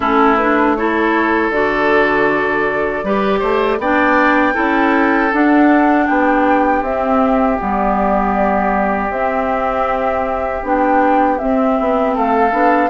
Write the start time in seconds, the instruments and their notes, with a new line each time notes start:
0.00 bassoon A3, clarinet C#4, oboe E4, flute A4
0.36 clarinet D4, flute B4
0.75 clarinet E4, oboe A4, flute C#5
1.50 bassoon D3, clarinet F#4, flute D5
3.03 bassoon G3, clarinet G4, oboe B4
3.39 bassoon A3, oboe C5
3.78 bassoon B3, clarinet D4, oboe D5, flute G5
4.53 bassoon C#4, clarinet E4, oboe A4
5.32 bassoon D4, clarinet D4, flute F#5
6.06 bassoon B3, oboe G4, flute G5
6.81 bassoon C4, clarinet C4, flute E5
7.58 bassoon G3, clarinet B3, flute D5
9.09 bassoon C4, clarinet C4, flute E5
10.63 bassoon B3, clarinet D4, flute G5
11.38 clarinet C4, bassoon C4, flute E5
11.79 bassoon B3
12.14 bassoon A3, oboe A4, flute F5
12.51 bassoon B3, clarinet D4